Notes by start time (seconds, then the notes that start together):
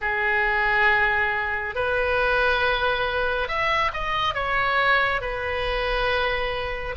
0.01 G#4
1.75 B4
3.47 E5
3.93 D#5
4.34 C#5
5.21 B4